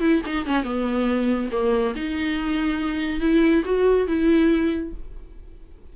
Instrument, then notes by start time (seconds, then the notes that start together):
viola
0.00 E4
0.26 D#4
0.46 C#4
0.64 B3
1.52 A#3
1.95 D#4
3.20 E4
3.65 F#4
4.07 E4